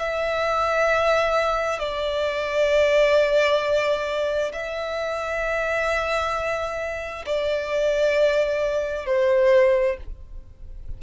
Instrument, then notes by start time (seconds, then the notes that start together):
violin
0.00 E5
1.80 D5
4.53 E5
7.26 D5
9.07 C5